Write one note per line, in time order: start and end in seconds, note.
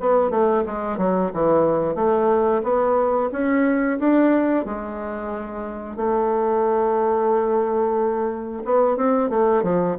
0.00 0.30 B3
0.30 0.64 A3
0.66 0.98 G#3
0.98 1.31 F#3
1.34 1.95 E3
1.95 2.62 A3
2.63 3.30 B3
3.32 3.99 C#4
4.00 4.65 D4
4.65 5.96 G#3
5.96 8.63 A3
8.65 8.97 B3
8.97 9.30 C4
9.30 9.63 A3
9.63 9.96 F3